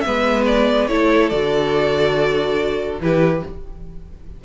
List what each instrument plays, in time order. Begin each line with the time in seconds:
0.00 viola B3, violin B4 E5
0.06 cello G#3
0.46 violin D5
0.87 cello A3, viola E4, violin A4 C#5
1.29 cello D3, viola F#4, violin D5
3.00 cello E3, viola E4, violin G4 B4